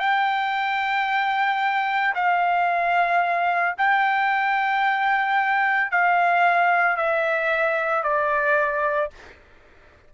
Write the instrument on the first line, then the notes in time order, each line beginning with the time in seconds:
trumpet
0.00 G5
2.15 F5
3.78 G5
5.91 F5
6.97 E5
8.04 D5